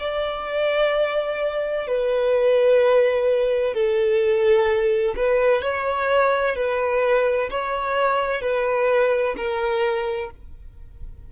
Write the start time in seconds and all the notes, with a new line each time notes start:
0.00 D5
1.87 B4
3.75 A4
5.16 B4
5.62 C#5
6.56 B4
7.51 C#5
8.42 B4
9.37 A#4